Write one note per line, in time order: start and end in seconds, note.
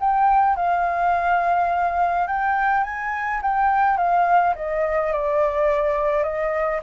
0.00 0.56 G5
0.56 2.27 F5
2.27 2.84 G5
2.84 3.41 G#5
3.42 3.97 G5
3.97 4.55 F5
4.55 5.12 D#5
5.12 6.23 D5
6.23 6.81 D#5